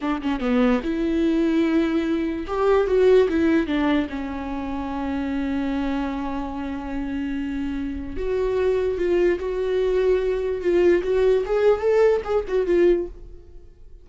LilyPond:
\new Staff \with { instrumentName = "viola" } { \time 4/4 \tempo 4 = 147 d'8 cis'8 b4 e'2~ | e'2 g'4 fis'4 | e'4 d'4 cis'2~ | cis'1~ |
cis'1 | fis'2 f'4 fis'4~ | fis'2 f'4 fis'4 | gis'4 a'4 gis'8 fis'8 f'4 | }